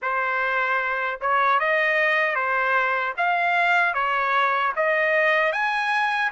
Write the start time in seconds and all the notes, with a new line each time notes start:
0.02 C5
1.21 C#5
1.59 D#5
2.35 C5
3.17 F5
3.93 C#5
4.75 D#5
5.52 G#5